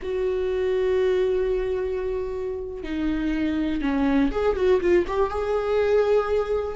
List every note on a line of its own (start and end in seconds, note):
0.02 2.83 F#4
2.83 3.81 D#4
3.81 4.30 C#4
4.31 4.55 G#4
4.55 4.80 F#4
4.80 5.05 F4
5.07 5.30 G4
5.30 6.75 G#4